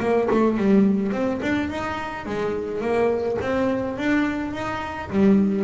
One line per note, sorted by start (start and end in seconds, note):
0.00 0.28 A#3
0.31 0.57 A3
0.57 1.12 G3
1.12 1.40 C4
1.42 1.70 D4
1.70 2.26 D#4
2.26 2.81 G#3
2.81 3.38 A#3
3.41 3.98 C4
3.98 4.53 D4
4.53 5.10 D#4
5.10 5.64 G3